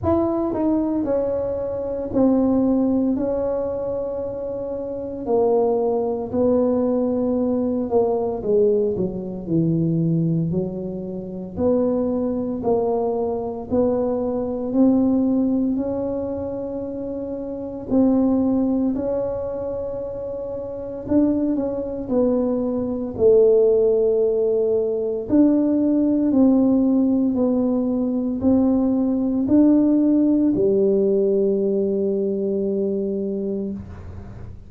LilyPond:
\new Staff \with { instrumentName = "tuba" } { \time 4/4 \tempo 4 = 57 e'8 dis'8 cis'4 c'4 cis'4~ | cis'4 ais4 b4. ais8 | gis8 fis8 e4 fis4 b4 | ais4 b4 c'4 cis'4~ |
cis'4 c'4 cis'2 | d'8 cis'8 b4 a2 | d'4 c'4 b4 c'4 | d'4 g2. | }